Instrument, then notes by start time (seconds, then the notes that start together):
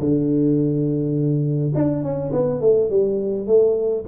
tuba
0.00 D3
1.75 D4
2.03 C#4
2.33 B3
2.61 A3
2.90 G3
3.47 A3